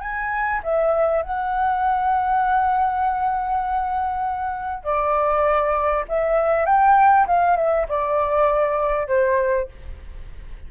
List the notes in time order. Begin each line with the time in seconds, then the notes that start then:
0.00 G#5
0.63 E5
1.22 F#5
4.83 D5
6.09 E5
6.66 G5
7.27 F5
7.56 E5
7.88 D5
9.07 C5